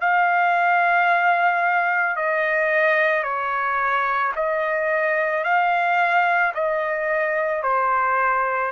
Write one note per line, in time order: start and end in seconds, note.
0.00 2.16 F5
2.16 3.23 D#5
3.23 4.32 C#5
4.35 5.44 D#5
5.44 6.53 F5
6.54 7.62 D#5
7.62 8.71 C5